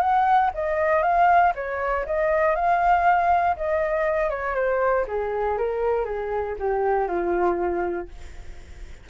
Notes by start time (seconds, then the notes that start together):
0.00 F#5
0.54 D#5
1.02 F5
1.55 C#5
2.05 D#5
2.55 F5
3.56 D#5
4.29 C#5
4.55 C5
5.07 G#4
5.58 A#4
6.05 G#4
6.59 G4
7.07 F4